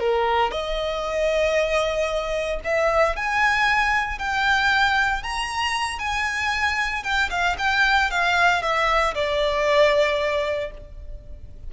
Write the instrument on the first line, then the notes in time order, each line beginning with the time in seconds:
violin
0.00 A#4
0.51 D#5
2.64 E5
3.16 G#5
4.19 G5
5.23 A#5
5.99 G#5
7.03 G5
7.30 F5
7.58 G5
8.11 F5
8.62 E5
9.15 D5